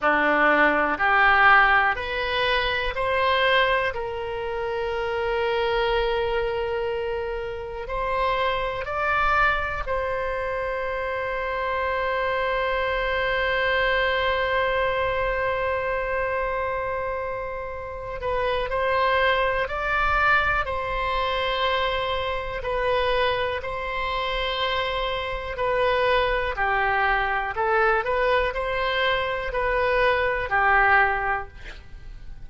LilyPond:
\new Staff \with { instrumentName = "oboe" } { \time 4/4 \tempo 4 = 61 d'4 g'4 b'4 c''4 | ais'1 | c''4 d''4 c''2~ | c''1~ |
c''2~ c''8 b'8 c''4 | d''4 c''2 b'4 | c''2 b'4 g'4 | a'8 b'8 c''4 b'4 g'4 | }